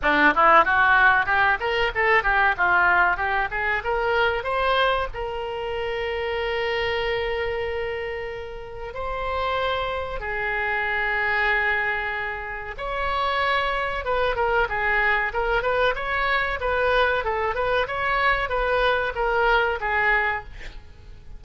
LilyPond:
\new Staff \with { instrumentName = "oboe" } { \time 4/4 \tempo 4 = 94 d'8 e'8 fis'4 g'8 ais'8 a'8 g'8 | f'4 g'8 gis'8 ais'4 c''4 | ais'1~ | ais'2 c''2 |
gis'1 | cis''2 b'8 ais'8 gis'4 | ais'8 b'8 cis''4 b'4 a'8 b'8 | cis''4 b'4 ais'4 gis'4 | }